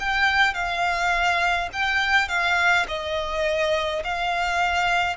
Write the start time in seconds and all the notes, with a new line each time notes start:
0.00 G5
0.55 F5
1.73 G5
2.29 F5
2.88 D#5
4.04 F5